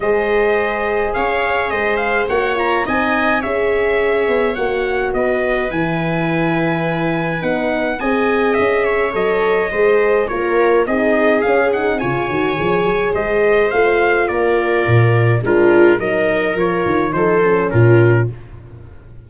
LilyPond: <<
  \new Staff \with { instrumentName = "trumpet" } { \time 4/4 \tempo 4 = 105 dis''2 f''4 dis''8 f''8 | fis''8 ais''8 gis''4 e''2 | fis''4 dis''4 gis''2~ | gis''4 fis''4 gis''4 e''4 |
dis''2 cis''4 dis''4 | f''8 fis''8 gis''2 dis''4 | f''4 d''2 ais'4 | dis''4 cis''4 c''4 ais'4 | }
  \new Staff \with { instrumentName = "viola" } { \time 4/4 c''2 cis''4 c''4 | cis''4 dis''4 cis''2~ | cis''4 b'2.~ | b'2 dis''4. cis''8~ |
cis''4 c''4 ais'4 gis'4~ | gis'4 cis''2 c''4~ | c''4 ais'2 f'4 | ais'2 a'4 f'4 | }
  \new Staff \with { instrumentName = "horn" } { \time 4/4 gis'1 | fis'8 f'8 dis'4 gis'2 | fis'2 e'2~ | e'4 dis'4 gis'2 |
a'4 gis'4 f'4 dis'4 | cis'8 dis'8 f'8 fis'8 gis'2 | f'2. d'4 | dis'4 f'4 dis'8 cis'4. | }
  \new Staff \with { instrumentName = "tuba" } { \time 4/4 gis2 cis'4 gis4 | ais4 c'4 cis'4. b8 | ais4 b4 e2~ | e4 b4 c'4 cis'4 |
fis4 gis4 ais4 c'4 | cis'4 cis8 dis8 f8 fis8 gis4 | a4 ais4 ais,4 gis4 | fis4 f8 dis8 f4 ais,4 | }
>>